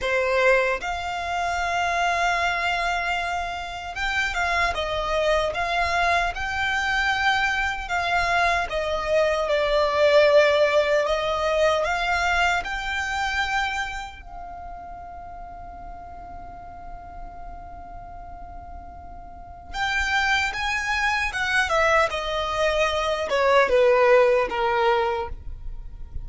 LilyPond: \new Staff \with { instrumentName = "violin" } { \time 4/4 \tempo 4 = 76 c''4 f''2.~ | f''4 g''8 f''8 dis''4 f''4 | g''2 f''4 dis''4 | d''2 dis''4 f''4 |
g''2 f''2~ | f''1~ | f''4 g''4 gis''4 fis''8 e''8 | dis''4. cis''8 b'4 ais'4 | }